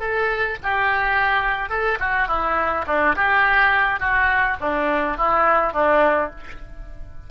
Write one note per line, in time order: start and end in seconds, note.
0.00 0.57 A4
0.63 1.70 G4
1.70 1.98 A4
2.00 2.28 F#4
2.28 2.85 E4
2.87 3.16 D4
3.16 4.00 G4
4.00 4.57 F#4
4.61 5.17 D4
5.17 5.73 E4
5.73 6.30 D4